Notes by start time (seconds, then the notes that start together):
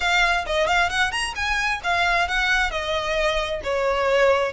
0.00 F5
0.46 D#5
0.67 F5
0.89 F#5
1.11 A#5
1.35 G#5
1.83 F5
2.28 F#5
2.70 D#5
3.63 C#5